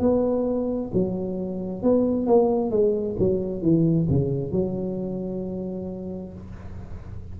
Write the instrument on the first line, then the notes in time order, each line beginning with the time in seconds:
tuba
0.00 B3
0.93 F#3
1.83 B3
2.26 A#3
2.70 G#3
3.19 F#3
3.62 E3
4.09 C#3
4.52 F#3